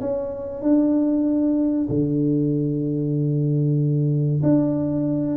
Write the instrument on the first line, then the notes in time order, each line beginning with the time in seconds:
tuba
0.00 C#4
0.61 D4
1.89 D3
4.42 D4